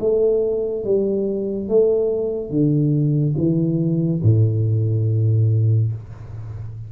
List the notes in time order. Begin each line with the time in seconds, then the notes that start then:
0.00 A3
0.84 G3
1.68 A3
2.50 D3
3.37 E3
4.23 A2